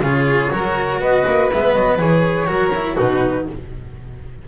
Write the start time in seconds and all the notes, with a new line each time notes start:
0.00 C#3 F4 G#4 C#5
0.51 F#3 F#4 A#4
1.00 B3 B4 D#5
1.27 A#3
1.53 G#3 B3 E5
1.74 F#3 D#5
1.99 E3 G#4 C#5
2.46 F#3 F#4 A#4
2.76 E4
2.94 B2 D#4 F#4 B4